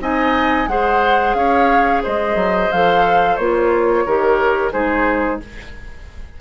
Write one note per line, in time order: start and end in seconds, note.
0.00 0.67 C4
0.00 0.68 D#4
0.00 0.70 D#5
0.00 0.68 G#5
0.68 1.35 G#3
0.68 2.71 G#4
0.68 1.37 C5
0.68 1.35 F#5
1.35 2.02 C#4
1.35 2.03 C#5
1.35 2.02 F5
2.03 2.35 G#3
2.03 4.05 C5
2.03 2.72 D#5
2.35 2.69 F#3
2.72 3.39 F3
2.72 3.41 A4
2.72 3.37 F5
3.37 4.06 A#3
3.37 4.07 F4
3.37 4.71 C#5
4.05 4.73 D#3
4.05 4.73 G4
4.05 4.73 A#4
4.73 5.41 G#3
4.73 5.40 D#4
4.73 5.40 G#4
4.73 5.40 C5